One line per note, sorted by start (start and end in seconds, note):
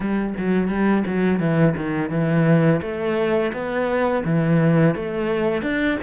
0.00 0.33 G3
0.37 0.68 F#3
0.68 1.03 G3
1.07 1.39 F#3
1.39 1.75 E3
1.76 2.10 D#3
2.10 2.80 E3
2.81 3.52 A3
3.53 4.24 B3
4.24 4.95 E3
4.95 5.62 A3
5.62 5.97 D4